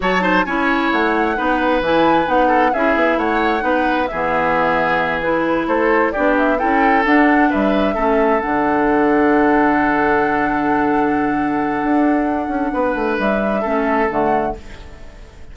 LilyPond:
<<
  \new Staff \with { instrumentName = "flute" } { \time 4/4 \tempo 4 = 132 a''4 gis''4 fis''2 | gis''4 fis''4 e''4 fis''4~ | fis''4 e''2~ e''8 b'8~ | b'8 c''4 d''8 e''8 g''4 fis''8~ |
fis''8 e''2 fis''4.~ | fis''1~ | fis''1~ | fis''4 e''2 fis''4 | }
  \new Staff \with { instrumentName = "oboe" } { \time 4/4 cis''8 c''8 cis''2 b'4~ | b'4. a'8 gis'4 cis''4 | b'4 gis'2.~ | gis'8 a'4 g'4 a'4.~ |
a'8 b'4 a'2~ a'8~ | a'1~ | a'1 | b'2 a'2 | }
  \new Staff \with { instrumentName = "clarinet" } { \time 4/4 fis'8 dis'8 e'2 dis'4 | e'4 dis'4 e'2 | dis'4 b2~ b8 e'8~ | e'4. d'4 e'4 d'8~ |
d'4. cis'4 d'4.~ | d'1~ | d'1~ | d'2 cis'4 a4 | }
  \new Staff \with { instrumentName = "bassoon" } { \time 4/4 fis4 cis'4 a4 b4 | e4 b4 cis'8 b8 a4 | b4 e2.~ | e8 a4 b4 cis'4 d'8~ |
d'8 g4 a4 d4.~ | d1~ | d2 d'4. cis'8 | b8 a8 g4 a4 d4 | }
>>